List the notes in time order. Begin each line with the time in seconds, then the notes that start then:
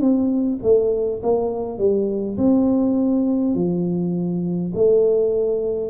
0.00 C4
0.63 A3
1.23 A#3
1.79 G3
2.37 C4
3.55 F3
4.75 A3